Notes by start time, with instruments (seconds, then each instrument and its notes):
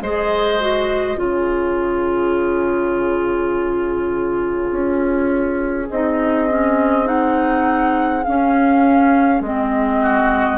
0.00 bassoon G#3, clarinet G#4, oboe C5, flute D#5
0.59 clarinet F#4
1.16 bassoon C#3, clarinet F4, oboe G#4, flute C#5
4.71 bassoon C#4
5.90 bassoon C4, clarinet D#4, flute D#5
6.49 clarinet C#4
7.04 clarinet D#4, flute F#5
8.24 clarinet C#4, bassoon C#4, flute F5
9.40 bassoon G#3, clarinet C4, flute D#5
10.01 oboe F#4